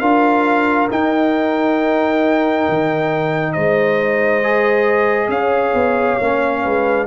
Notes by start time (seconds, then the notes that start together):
0.00 D4 F4 A#4 F5
0.91 D#4 G5
2.69 D#3
3.53 G#3 C5 D#5
4.44 G#4
5.29 C#4 C#5 F5
5.74 B3
6.21 A#3 C#4
6.63 G#3 B4